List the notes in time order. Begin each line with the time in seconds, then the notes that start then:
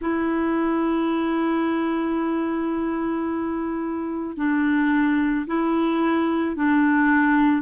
0.01 E4
4.36 D4
5.46 E4
6.56 D4